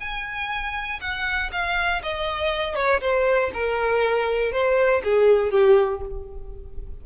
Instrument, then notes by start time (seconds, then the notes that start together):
violin
0.00 G#5
1.01 F#5
1.52 F5
2.03 D#5
2.75 C#5
3.01 C5
3.54 A#4
4.52 C5
5.04 G#4
5.51 G4